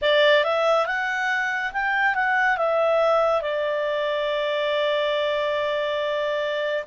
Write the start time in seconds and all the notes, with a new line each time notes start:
0.01 D5
0.44 E5
0.86 F#5
1.73 G5
2.14 F#5
2.57 E5
3.41 D5